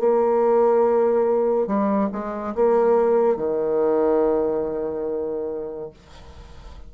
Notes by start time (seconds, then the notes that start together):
0.00 A#3
1.67 G3
2.13 G#3
2.55 A#3
3.37 D#3